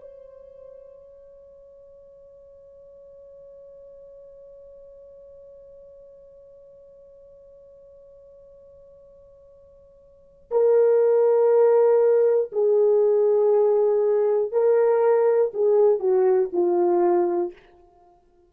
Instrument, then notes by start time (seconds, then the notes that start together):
horn
0.00 C#5
10.51 A#4
12.52 G#4
14.51 A#4
15.54 G#4
15.99 F#4
16.53 F4